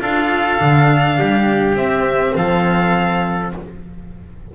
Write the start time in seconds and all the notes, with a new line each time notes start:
0.00 D4 F4 A4 F5
0.58 D3 D4
1.18 G3 G4
1.74 C4 E5
2.35 F3 A4 F5